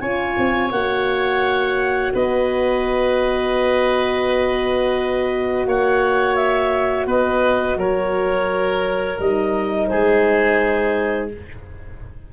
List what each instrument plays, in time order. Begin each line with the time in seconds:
0.00 tuba C#4, horn F4, oboe C#5, clarinet G#5
0.38 tuba C4
0.71 tuba A#3, horn F#4, clarinet F#5
2.14 tuba B3, oboe B4, clarinet D#5
5.66 tuba A#3, oboe C#5, clarinet F#5
6.35 clarinet E5
7.06 tuba B3, oboe B4, clarinet D#5
7.76 tuba F#3, oboe A#4, clarinet C#5
9.19 tuba G3, horn D#4, clarinet D#5
9.87 tuba G#3, oboe G#4, clarinet C5